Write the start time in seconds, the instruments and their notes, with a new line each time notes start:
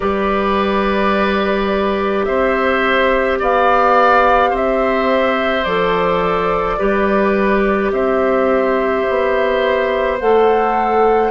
0.00 bassoon G3, clarinet G4, oboe B4, flute D5
2.24 bassoon C4, oboe C5, flute E5
3.39 bassoon B3, oboe D5, flute F5
4.50 bassoon C4, oboe C5, flute E5
5.64 bassoon F3, clarinet A4, flute D5
6.78 bassoon G3, clarinet G4, oboe B4
7.91 bassoon C4, oboe C5, flute E5
9.08 bassoon B3
10.20 bassoon A3, clarinet A4, flute F#5